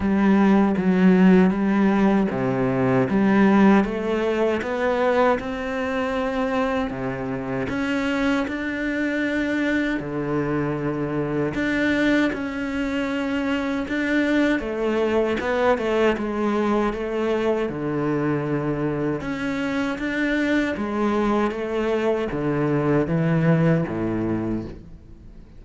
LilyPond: \new Staff \with { instrumentName = "cello" } { \time 4/4 \tempo 4 = 78 g4 fis4 g4 c4 | g4 a4 b4 c'4~ | c'4 c4 cis'4 d'4~ | d'4 d2 d'4 |
cis'2 d'4 a4 | b8 a8 gis4 a4 d4~ | d4 cis'4 d'4 gis4 | a4 d4 e4 a,4 | }